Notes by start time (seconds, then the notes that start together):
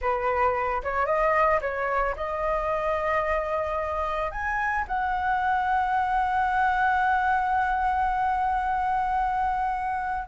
0.01 B4
0.83 C#5
1.05 D#5
1.61 C#5
2.16 D#5
4.31 G#5
4.87 F#5